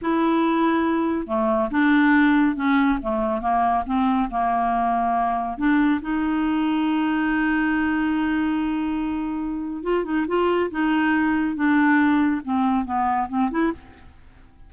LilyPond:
\new Staff \with { instrumentName = "clarinet" } { \time 4/4 \tempo 4 = 140 e'2. a4 | d'2 cis'4 a4 | ais4 c'4 ais2~ | ais4 d'4 dis'2~ |
dis'1~ | dis'2. f'8 dis'8 | f'4 dis'2 d'4~ | d'4 c'4 b4 c'8 e'8 | }